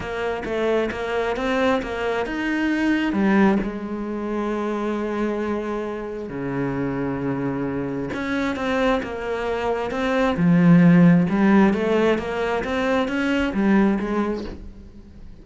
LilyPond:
\new Staff \with { instrumentName = "cello" } { \time 4/4 \tempo 4 = 133 ais4 a4 ais4 c'4 | ais4 dis'2 g4 | gis1~ | gis2 cis2~ |
cis2 cis'4 c'4 | ais2 c'4 f4~ | f4 g4 a4 ais4 | c'4 cis'4 g4 gis4 | }